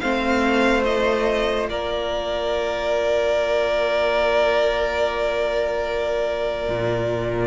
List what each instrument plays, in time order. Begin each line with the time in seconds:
0.00 cello A3, viola C4, violin C5 F5
0.84 viola F4, violin D#5
1.68 cello A#3, violin A#4 D5
6.69 cello A#2